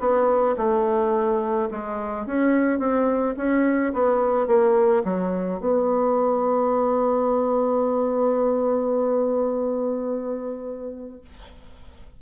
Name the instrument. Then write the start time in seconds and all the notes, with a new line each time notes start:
bassoon
0.00 B3
0.57 A3
1.71 G#3
2.26 C#4
2.79 C4
3.37 C#4
3.94 B3
4.47 A#3
5.05 F#3
5.60 B3